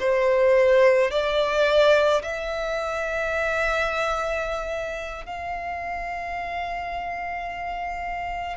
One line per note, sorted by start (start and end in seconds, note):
0.00 1.11 C5
1.11 2.22 D5
2.22 5.26 E5
5.26 8.57 F5